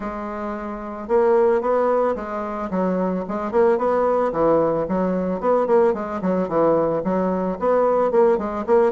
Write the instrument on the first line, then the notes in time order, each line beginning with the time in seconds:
bassoon
0.00 G#3
1.08 A#3
1.61 B3
2.15 G#3
2.70 F#3
3.28 G#3
3.51 A#3
3.78 B3
4.32 E3
4.88 F#3
5.40 B3
5.66 A#3
5.93 G#3
6.21 F#3
6.48 E3
7.03 F#3
7.59 B3
8.11 A#3
8.38 G#3
8.66 A#3